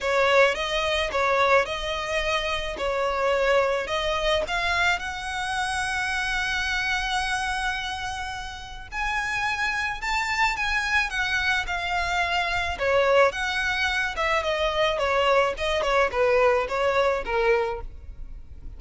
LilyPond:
\new Staff \with { instrumentName = "violin" } { \time 4/4 \tempo 4 = 108 cis''4 dis''4 cis''4 dis''4~ | dis''4 cis''2 dis''4 | f''4 fis''2.~ | fis''1 |
gis''2 a''4 gis''4 | fis''4 f''2 cis''4 | fis''4. e''8 dis''4 cis''4 | dis''8 cis''8 b'4 cis''4 ais'4 | }